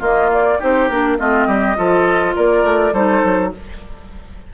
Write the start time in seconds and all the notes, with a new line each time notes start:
0.00 A#3 F4 D#5
0.33 D5
0.60 C4 D#4 G4 C5
0.88 A#3 D4 A#4
1.18 A3 C4 F4 D#5
1.48 G3 G4
1.76 F3 F4 A4
2.36 A#3 A#4 D5
2.64 A3
2.93 G3 D#4 A4 C5
3.25 F#3